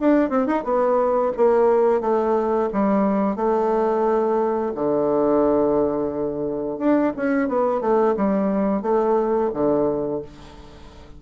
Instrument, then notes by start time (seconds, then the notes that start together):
bassoon
0.00 D4
0.30 C4
0.46 D#4
0.64 B3
1.37 A#3
2.01 A3
2.73 G3
3.36 A3
4.75 D3
6.78 D4
7.16 C#4
7.48 B3
7.81 A3
8.16 G3
8.82 A3
9.54 D3